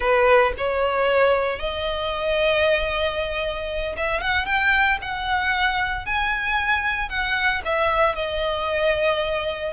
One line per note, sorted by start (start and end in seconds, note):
0.00 0.52 B4
0.57 1.59 C#5
1.59 3.95 D#5
3.96 4.20 E5
4.20 4.45 F#5
4.45 4.98 G5
5.01 6.05 F#5
6.05 7.09 G#5
7.09 7.62 F#5
7.65 8.15 E5
8.15 9.73 D#5